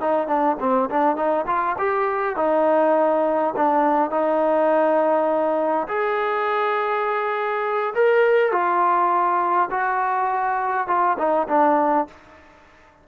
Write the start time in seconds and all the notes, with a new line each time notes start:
0.00 D#4
0.27 D4
0.60 C4
0.89 D4
1.16 D#4
1.46 F4
1.78 G4
2.36 D#4
3.56 D4
4.10 D#4
5.87 G#4
7.94 A#4
8.51 F4
9.70 F#4
10.87 F4
11.18 D#4
11.48 D4